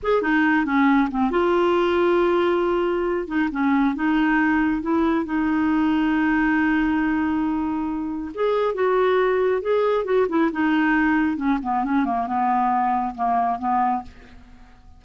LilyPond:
\new Staff \with { instrumentName = "clarinet" } { \time 4/4 \tempo 4 = 137 gis'8 dis'4 cis'4 c'8 f'4~ | f'2.~ f'8 dis'8 | cis'4 dis'2 e'4 | dis'1~ |
dis'2. gis'4 | fis'2 gis'4 fis'8 e'8 | dis'2 cis'8 b8 cis'8 ais8 | b2 ais4 b4 | }